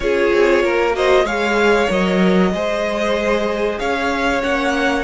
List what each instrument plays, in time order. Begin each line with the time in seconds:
0.00 cello C#4, viola F4, violin G#4 C#5
0.33 cello C4
0.63 cello A#3, violin A#4
0.92 viola F#4, violin C5 D#5
1.24 cello G#3, viola G#4, violin C#5 F5
1.88 cello F#3, viola A#4, violin D#5
2.53 cello G#3, viola G#4, violin C5
3.78 cello C#4, violin C#5 F5
4.41 cello A#3, viola C#4, violin F#5